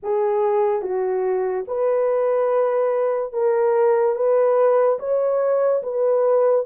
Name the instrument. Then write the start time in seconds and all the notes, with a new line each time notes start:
horn
0.02 G#4
0.81 F#4
1.67 B4
3.32 A#4
4.15 B4
4.98 C#5
5.83 B4